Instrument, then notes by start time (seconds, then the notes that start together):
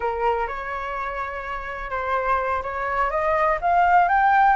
flute
0.00 A#4
0.47 C#5
1.90 C5
2.63 C#5
3.10 D#5
3.61 F5
4.08 G5